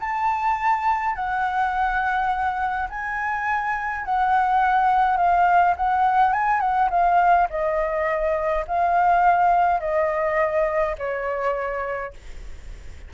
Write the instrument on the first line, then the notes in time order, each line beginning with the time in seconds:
flute
0.00 A5
1.15 F#5
2.90 G#5
4.05 F#5
5.17 F5
5.77 F#5
6.33 G#5
6.60 F#5
6.90 F5
7.50 D#5
8.67 F5
9.80 D#5
10.98 C#5